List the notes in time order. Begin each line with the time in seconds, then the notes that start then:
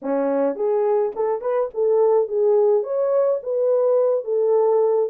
0.02 C#4
0.55 G#4
1.15 A4
1.41 B4
1.73 A4
2.28 G#4
2.83 C#5
3.42 B4
4.24 A4